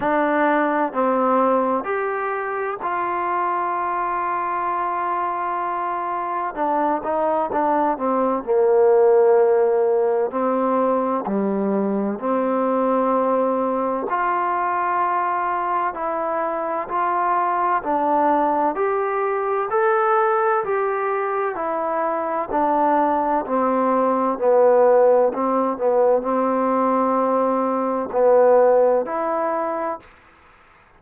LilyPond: \new Staff \with { instrumentName = "trombone" } { \time 4/4 \tempo 4 = 64 d'4 c'4 g'4 f'4~ | f'2. d'8 dis'8 | d'8 c'8 ais2 c'4 | g4 c'2 f'4~ |
f'4 e'4 f'4 d'4 | g'4 a'4 g'4 e'4 | d'4 c'4 b4 c'8 b8 | c'2 b4 e'4 | }